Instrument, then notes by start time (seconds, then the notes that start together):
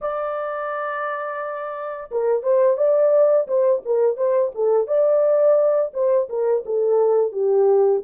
horn
0.01 D5
2.11 A#4
2.42 C5
2.77 D5
3.47 C5
3.85 A#4
4.16 C5
4.54 A4
4.87 D5
5.93 C5
6.29 A#4
6.65 A4
7.32 G4